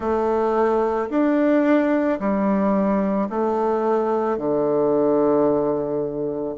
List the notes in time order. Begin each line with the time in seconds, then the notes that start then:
0.00 A3
1.10 D4
2.19 G3
3.29 A3
4.37 D3